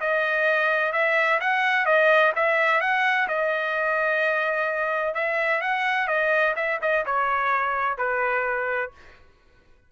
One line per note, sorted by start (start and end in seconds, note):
0.00 0.92 D#5
0.92 1.39 E5
1.40 1.86 F#5
1.86 2.32 D#5
2.35 2.81 E5
2.81 3.27 F#5
3.28 5.14 D#5
5.14 5.61 E5
5.61 6.07 F#5
6.07 6.54 D#5
6.56 6.79 E5
6.81 7.05 D#5
7.05 7.97 C#5
7.97 8.91 B4